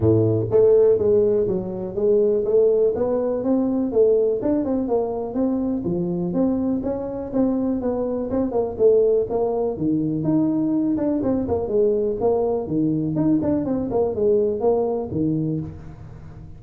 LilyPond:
\new Staff \with { instrumentName = "tuba" } { \time 4/4 \tempo 4 = 123 a,4 a4 gis4 fis4 | gis4 a4 b4 c'4 | a4 d'8 c'8 ais4 c'4 | f4 c'4 cis'4 c'4 |
b4 c'8 ais8 a4 ais4 | dis4 dis'4. d'8 c'8 ais8 | gis4 ais4 dis4 dis'8 d'8 | c'8 ais8 gis4 ais4 dis4 | }